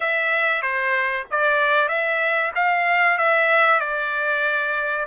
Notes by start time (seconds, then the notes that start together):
0.00 E5
0.61 C5
1.30 D5
1.88 E5
2.55 F5
3.18 E5
3.80 D5